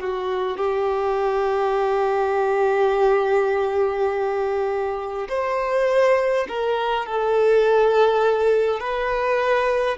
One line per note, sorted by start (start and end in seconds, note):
0.00 0.57 F#4
0.57 5.28 G4
5.29 6.47 C5
6.49 7.06 A#4
7.06 8.80 A4
8.80 9.97 B4